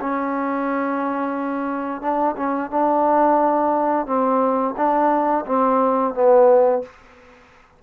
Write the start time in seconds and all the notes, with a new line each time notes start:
0.00 C#4
2.01 D4
2.36 C#4
2.70 D4
4.06 C4
4.76 D4
5.45 C4
6.14 B3